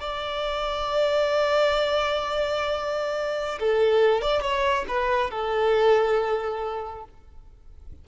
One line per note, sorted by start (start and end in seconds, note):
0.00 3.59 D5
3.59 4.22 A4
4.22 4.42 D5
4.42 4.85 C#5
4.88 5.30 B4
5.30 7.04 A4